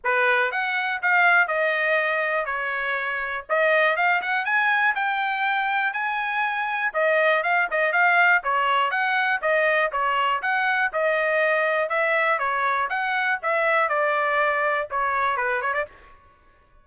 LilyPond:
\new Staff \with { instrumentName = "trumpet" } { \time 4/4 \tempo 4 = 121 b'4 fis''4 f''4 dis''4~ | dis''4 cis''2 dis''4 | f''8 fis''8 gis''4 g''2 | gis''2 dis''4 f''8 dis''8 |
f''4 cis''4 fis''4 dis''4 | cis''4 fis''4 dis''2 | e''4 cis''4 fis''4 e''4 | d''2 cis''4 b'8 cis''16 d''16 | }